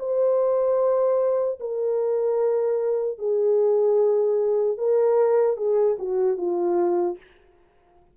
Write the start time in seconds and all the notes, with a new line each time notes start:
0.00 C5
1.61 A#4
3.19 G#4
4.78 A#4
5.57 G#4
5.99 F#4
6.37 F4